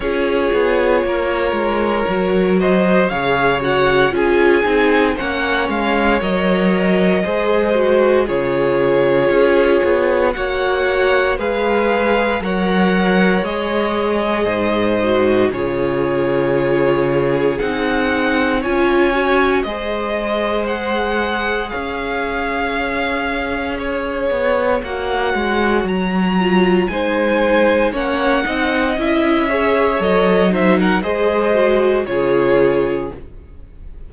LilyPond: <<
  \new Staff \with { instrumentName = "violin" } { \time 4/4 \tempo 4 = 58 cis''2~ cis''8 dis''8 f''8 fis''8 | gis''4 fis''8 f''8 dis''2 | cis''2 fis''4 f''4 | fis''4 dis''2 cis''4~ |
cis''4 fis''4 gis''4 dis''4 | fis''4 f''2 cis''4 | fis''4 ais''4 gis''4 fis''4 | e''4 dis''8 e''16 fis''16 dis''4 cis''4 | }
  \new Staff \with { instrumentName = "violin" } { \time 4/4 gis'4 ais'4. c''8 cis''4 | gis'4 cis''2 c''4 | gis'2 cis''4 b'4 | cis''2 c''4 gis'4~ |
gis'2 cis''4 c''4~ | c''4 cis''2.~ | cis''2 c''4 cis''8 dis''8~ | dis''8 cis''4 c''16 ais'16 c''4 gis'4 | }
  \new Staff \with { instrumentName = "viola" } { \time 4/4 f'2 fis'4 gis'8 fis'8 | f'8 dis'8 cis'4 ais'4 gis'8 fis'8 | f'2 fis'4 gis'4 | ais'4 gis'4. fis'8 f'4~ |
f'4 dis'4 f'8 fis'8 gis'4~ | gis'1 | fis'4. f'8 dis'4 cis'8 dis'8 | e'8 gis'8 a'8 dis'8 gis'8 fis'8 f'4 | }
  \new Staff \with { instrumentName = "cello" } { \time 4/4 cis'8 b8 ais8 gis8 fis4 cis4 | cis'8 c'8 ais8 gis8 fis4 gis4 | cis4 cis'8 b8 ais4 gis4 | fis4 gis4 gis,4 cis4~ |
cis4 c'4 cis'4 gis4~ | gis4 cis'2~ cis'8 b8 | ais8 gis8 fis4 gis4 ais8 c'8 | cis'4 fis4 gis4 cis4 | }
>>